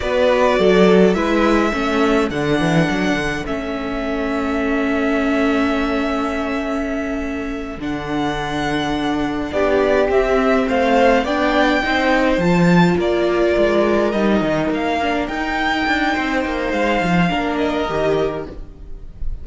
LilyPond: <<
  \new Staff \with { instrumentName = "violin" } { \time 4/4 \tempo 4 = 104 d''2 e''2 | fis''2 e''2~ | e''1~ | e''4. fis''2~ fis''8~ |
fis''8 d''4 e''4 f''4 g''8~ | g''4. a''4 d''4.~ | d''8 dis''4 f''4 g''4.~ | g''4 f''4. dis''4. | }
  \new Staff \with { instrumentName = "violin" } { \time 4/4 b'4 a'4 b'4 a'4~ | a'1~ | a'1~ | a'1~ |
a'8 g'2 c''4 d''8~ | d''8 c''2 ais'4.~ | ais'1 | c''2 ais'2 | }
  \new Staff \with { instrumentName = "viola" } { \time 4/4 fis'2 e'4 cis'4 | d'2 cis'2~ | cis'1~ | cis'4. d'2~ d'8~ |
d'4. c'2 d'8~ | d'8 dis'4 f'2~ f'8~ | f'8 dis'4. d'8 dis'4.~ | dis'2 d'4 g'4 | }
  \new Staff \with { instrumentName = "cello" } { \time 4/4 b4 fis4 gis4 a4 | d8 e8 fis8 d8 a2~ | a1~ | a4. d2~ d8~ |
d8 b4 c'4 a4 b8~ | b8 c'4 f4 ais4 gis8~ | gis8 g8 dis8 ais4 dis'4 d'8 | c'8 ais8 gis8 f8 ais4 dis4 | }
>>